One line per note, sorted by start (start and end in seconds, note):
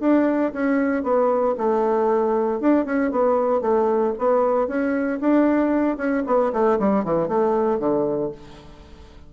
0.00 0.52 D4
0.53 1.03 C#4
1.03 1.55 B3
1.57 2.60 A3
2.60 2.85 D4
2.85 3.11 C#4
3.11 3.61 B3
3.61 4.13 A3
4.18 4.67 B3
4.67 5.19 C#4
5.20 5.97 D4
5.97 6.23 C#4
6.26 6.52 B3
6.53 6.79 A3
6.79 7.04 G3
7.04 7.28 E3
7.28 7.79 A3
7.79 8.31 D3